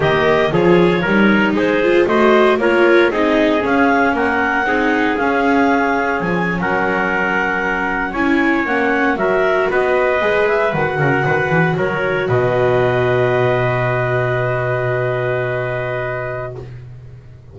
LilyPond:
<<
  \new Staff \with { instrumentName = "clarinet" } { \time 4/4 \tempo 4 = 116 dis''4 cis''2 c''4 | dis''4 cis''4 dis''4 f''4 | fis''2 f''2 | gis''8. fis''2. gis''16~ |
gis''8. fis''4 e''4 dis''4~ dis''16~ | dis''16 e''8 fis''2 cis''4 dis''16~ | dis''1~ | dis''1 | }
  \new Staff \with { instrumentName = "trumpet" } { \time 4/4 g'4 gis'4 ais'4 gis'4 | c''4 ais'4 gis'2 | ais'4 gis'2.~ | gis'8. ais'2. cis''16~ |
cis''4.~ cis''16 ais'4 b'4~ b'16~ | b'4~ b'16 ais'8 b'4 ais'4 b'16~ | b'1~ | b'1 | }
  \new Staff \with { instrumentName = "viola" } { \time 4/4 ais4 f'4 dis'4. f'8 | fis'4 f'4 dis'4 cis'4~ | cis'4 dis'4 cis'2~ | cis'2.~ cis'8. e'16~ |
e'8. cis'4 fis'2 gis'16~ | gis'8. fis'2.~ fis'16~ | fis'1~ | fis'1 | }
  \new Staff \with { instrumentName = "double bass" } { \time 4/4 dis4 f4 g4 gis4 | a4 ais4 c'4 cis'4 | ais4 c'4 cis'2 | f8. fis2. cis'16~ |
cis'8. ais4 fis4 b4 gis16~ | gis8. dis8 cis8 dis8 e8 fis4 b,16~ | b,1~ | b,1 | }
>>